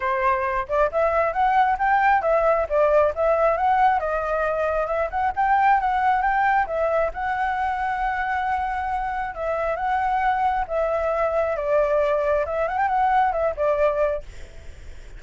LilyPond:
\new Staff \with { instrumentName = "flute" } { \time 4/4 \tempo 4 = 135 c''4. d''8 e''4 fis''4 | g''4 e''4 d''4 e''4 | fis''4 dis''2 e''8 fis''8 | g''4 fis''4 g''4 e''4 |
fis''1~ | fis''4 e''4 fis''2 | e''2 d''2 | e''8 fis''16 g''16 fis''4 e''8 d''4. | }